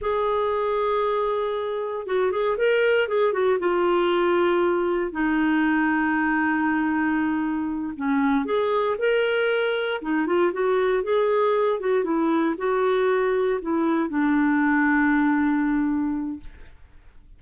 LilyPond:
\new Staff \with { instrumentName = "clarinet" } { \time 4/4 \tempo 4 = 117 gis'1 | fis'8 gis'8 ais'4 gis'8 fis'8 f'4~ | f'2 dis'2~ | dis'2.~ dis'8 cis'8~ |
cis'8 gis'4 ais'2 dis'8 | f'8 fis'4 gis'4. fis'8 e'8~ | e'8 fis'2 e'4 d'8~ | d'1 | }